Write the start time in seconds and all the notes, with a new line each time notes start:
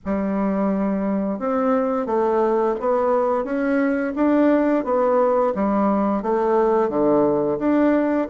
0.05 G3
1.39 C4
2.06 A3
2.79 B3
3.44 C#4
4.15 D4
4.84 B3
5.55 G3
6.22 A3
6.89 D3
7.59 D4